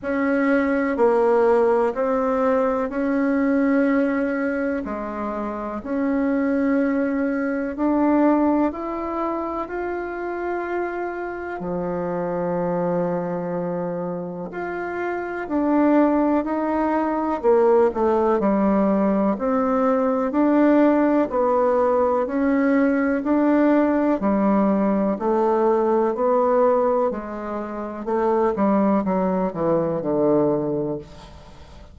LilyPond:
\new Staff \with { instrumentName = "bassoon" } { \time 4/4 \tempo 4 = 62 cis'4 ais4 c'4 cis'4~ | cis'4 gis4 cis'2 | d'4 e'4 f'2 | f2. f'4 |
d'4 dis'4 ais8 a8 g4 | c'4 d'4 b4 cis'4 | d'4 g4 a4 b4 | gis4 a8 g8 fis8 e8 d4 | }